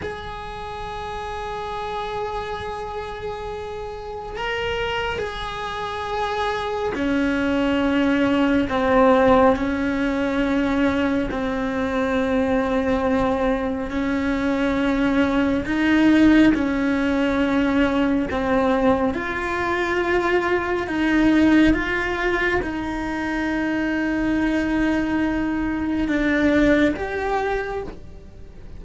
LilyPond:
\new Staff \with { instrumentName = "cello" } { \time 4/4 \tempo 4 = 69 gis'1~ | gis'4 ais'4 gis'2 | cis'2 c'4 cis'4~ | cis'4 c'2. |
cis'2 dis'4 cis'4~ | cis'4 c'4 f'2 | dis'4 f'4 dis'2~ | dis'2 d'4 g'4 | }